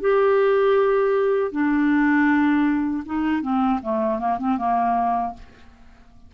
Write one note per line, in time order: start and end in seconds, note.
0.00 1.51 G4
1.51 3.03 D4
3.05 3.42 D#4
3.42 3.80 C4
3.82 4.18 A3
4.18 4.37 A#3
4.38 4.57 C4
4.57 5.33 A#3